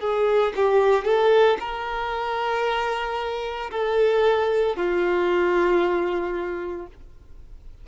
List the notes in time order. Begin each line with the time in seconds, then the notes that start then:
0.00 G#4
0.56 G4
1.04 A4
1.60 A#4
3.71 A4
4.76 F4